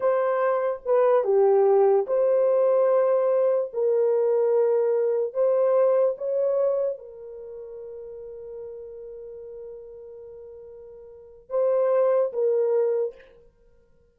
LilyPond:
\new Staff \with { instrumentName = "horn" } { \time 4/4 \tempo 4 = 146 c''2 b'4 g'4~ | g'4 c''2.~ | c''4 ais'2.~ | ais'4 c''2 cis''4~ |
cis''4 ais'2.~ | ais'1~ | ais'1 | c''2 ais'2 | }